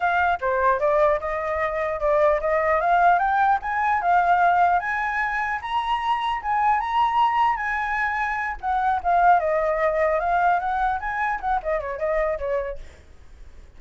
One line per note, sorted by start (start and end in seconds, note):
0.00 0.38 F5
0.40 0.79 C5
0.79 1.19 D5
1.20 2.00 D#5
2.00 2.40 D5
2.40 2.80 D#5
2.80 3.19 F5
3.19 3.59 G5
3.61 4.01 G#5
4.01 4.79 F5
4.79 5.59 G#5
5.61 6.41 A#5
6.42 6.79 G#5
6.79 7.56 A#5
7.56 8.56 G#5
8.61 9.01 F#5
9.03 9.39 F5
9.39 10.19 D#5
10.19 10.59 F5
10.59 10.99 F#5
11.00 11.40 G#5
11.40 11.60 F#5
11.63 11.80 D#5
11.80 11.98 C#5
11.98 12.38 D#5
12.38 12.78 C#5